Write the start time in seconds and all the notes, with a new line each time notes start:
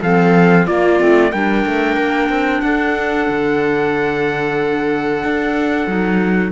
0.00 F3 C4 A4 F5
0.66 A#3 F4 D5
0.98 A3 C4
1.32 G3 D4 A#4 G5
1.66 A3
1.96 A#3
2.29 C4
2.61 D4 A4 F#5
3.29 D3
5.23 D4
5.87 F#3 D#4